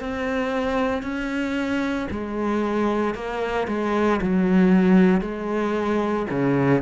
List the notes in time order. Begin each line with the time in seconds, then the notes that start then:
0.00 C4
1.03 C#4
2.11 G#3
3.15 A#3
3.68 G#3
4.22 F#3
5.21 G#3
6.31 C#3